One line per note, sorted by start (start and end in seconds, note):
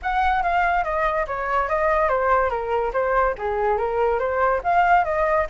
0.02 0.42 F#5
0.42 0.84 F5
0.84 1.26 D#5
1.27 1.68 C#5
1.68 2.08 D#5
2.08 2.50 C5
2.50 2.92 A#4
2.93 3.35 C5
3.38 3.77 G#4
3.77 4.19 A#4
4.19 4.61 C5
4.63 5.04 F5
5.04 5.46 D#5